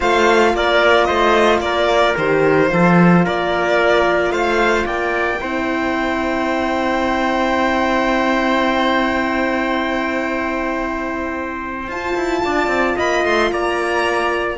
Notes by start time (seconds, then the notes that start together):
0.00 A3 F4 C5 F5
0.54 A#3 A#4 D5
1.04 A3 C5 D#5
1.59 A#3 A#4 D5
2.17 D#3 G4 C5
2.68 F3 F4 A4
3.24 A#3 A#4 D5
4.30 A3 C5 F5
4.85 A#3 D5 G5
5.40 C4 E4 C5
11.87 F4 A5
12.16 E4
12.44 D4 D5
12.67 C4
12.95 A#3 D#5 B5
13.24 A3 C6
13.51 A#3 D5 A#5